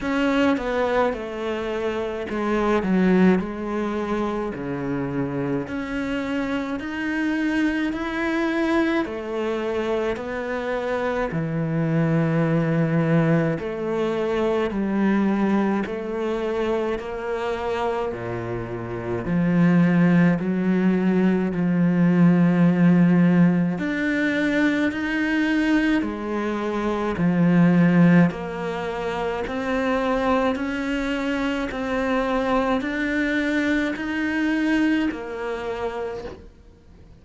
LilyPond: \new Staff \with { instrumentName = "cello" } { \time 4/4 \tempo 4 = 53 cis'8 b8 a4 gis8 fis8 gis4 | cis4 cis'4 dis'4 e'4 | a4 b4 e2 | a4 g4 a4 ais4 |
ais,4 f4 fis4 f4~ | f4 d'4 dis'4 gis4 | f4 ais4 c'4 cis'4 | c'4 d'4 dis'4 ais4 | }